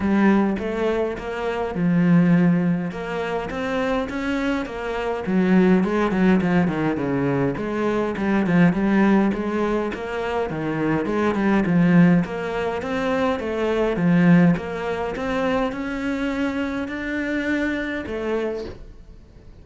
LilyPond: \new Staff \with { instrumentName = "cello" } { \time 4/4 \tempo 4 = 103 g4 a4 ais4 f4~ | f4 ais4 c'4 cis'4 | ais4 fis4 gis8 fis8 f8 dis8 | cis4 gis4 g8 f8 g4 |
gis4 ais4 dis4 gis8 g8 | f4 ais4 c'4 a4 | f4 ais4 c'4 cis'4~ | cis'4 d'2 a4 | }